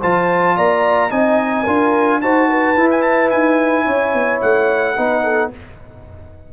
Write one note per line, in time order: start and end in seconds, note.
0.00 0.58 F3
0.00 1.10 F4
0.00 0.55 C5
0.00 0.57 A5
0.56 1.11 A#3
0.56 1.11 D5
0.56 1.11 A#5
1.10 1.66 C4
1.10 1.65 D#4
1.10 1.64 D#5
1.10 2.21 G#5
1.64 2.22 D4
1.64 2.22 F4
1.64 2.19 A#4
2.21 2.77 D#4
2.21 2.76 F#4
2.21 2.48 C5
2.21 2.90 A5
2.48 3.85 B4
2.76 4.97 E4
2.76 3.32 E4
2.91 3.02 G#5
3.02 3.30 A5
3.30 3.86 D#4
3.30 4.40 G#5
3.85 4.14 C#4
3.85 4.96 C#5
4.14 4.41 B3
4.41 4.98 A3
4.41 5.51 F#5
4.97 5.53 B3
4.97 5.52 D#4
4.97 5.24 B4
5.24 5.51 A4